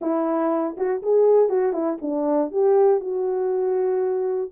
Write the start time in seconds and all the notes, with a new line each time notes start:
0.01 E4
0.77 F#4
1.02 G#4
1.49 F#4
1.72 E4
2.01 D4
2.51 G4
3.00 F#4